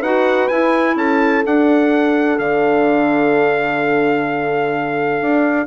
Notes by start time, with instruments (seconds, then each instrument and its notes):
0.00 bassoon D#4, clarinet F#4, horn B4, trumpet F#5
0.48 clarinet E4, bassoon E4, trumpet G#5
0.96 bassoon C#4, horn A4, trumpet A5
1.45 clarinet D4, bassoon D4, trumpet F#5
2.39 bassoon D3, trumpet F5
5.22 bassoon D4